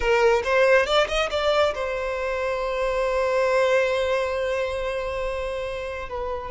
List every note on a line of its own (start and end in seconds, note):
0.00 0.42 A#4
0.43 0.86 C5
0.86 1.07 D5
1.08 1.29 D#5
1.30 1.74 D5
1.74 6.08 C5
6.08 6.50 B4